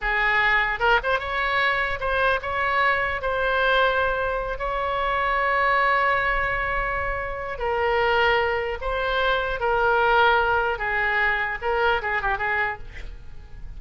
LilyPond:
\new Staff \with { instrumentName = "oboe" } { \time 4/4 \tempo 4 = 150 gis'2 ais'8 c''8 cis''4~ | cis''4 c''4 cis''2 | c''2.~ c''8 cis''8~ | cis''1~ |
cis''2. ais'4~ | ais'2 c''2 | ais'2. gis'4~ | gis'4 ais'4 gis'8 g'8 gis'4 | }